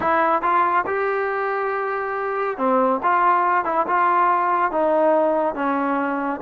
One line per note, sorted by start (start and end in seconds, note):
0.00 0.41 E4
0.41 0.84 F4
0.86 2.57 G4
2.57 3.00 C4
3.02 3.64 F4
3.64 3.86 E4
3.87 4.71 F4
4.71 5.54 D#4
5.54 6.40 C#4